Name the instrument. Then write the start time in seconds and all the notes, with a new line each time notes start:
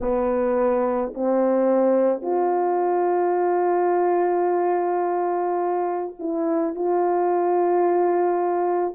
horn
0.01 B3
1.14 C4
2.21 F4
6.19 E4
6.75 F4